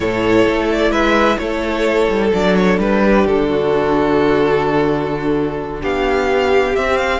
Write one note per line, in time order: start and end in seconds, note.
0.00 0.46 A2
0.00 2.32 E4
0.00 0.91 A4
0.00 0.69 C#5
0.47 0.90 A3
0.71 0.92 D5
0.90 1.37 G#3
0.90 1.37 B4
0.90 1.37 E5
1.37 2.08 A3
1.37 3.03 A4
1.37 2.30 C#5
2.09 2.32 G3
2.32 2.78 F#3
2.32 6.74 D4
2.32 2.55 D5
2.55 2.79 C#5
2.78 3.24 G3
2.78 3.26 B4
3.04 3.49 G4
3.26 5.81 D3
3.26 5.82 A4
3.49 5.80 F#4
5.80 6.76 B3
5.80 7.20 G4
5.80 6.75 F5
6.75 7.20 C4
6.75 6.97 E5
6.97 7.20 F5